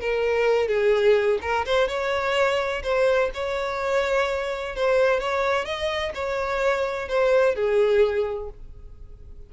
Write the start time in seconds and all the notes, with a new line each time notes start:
0.00 A#4
0.68 G#4
1.41 A#4
1.66 C5
1.88 C#5
2.83 C5
3.34 C#5
4.75 C5
5.20 C#5
5.65 D#5
6.14 C#5
7.08 C5
7.55 G#4